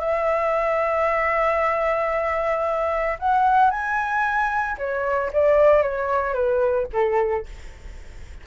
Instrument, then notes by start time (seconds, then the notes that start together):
flute
0.00 E5
3.19 F#5
3.71 G#5
4.78 C#5
5.33 D5
5.83 C#5
6.34 B4
6.93 A4